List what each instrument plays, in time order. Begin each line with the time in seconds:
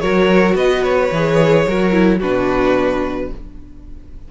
0.00 cello F#3, viola F#4, violin A#4 C#5
0.55 cello B3, violin B4 D#5
0.84 violin C#5
1.11 cello E3, viola G#4
1.67 cello F#3, viola F#4, violin A#4
1.92 viola E4
2.19 cello B2, viola D4, violin F#4 B4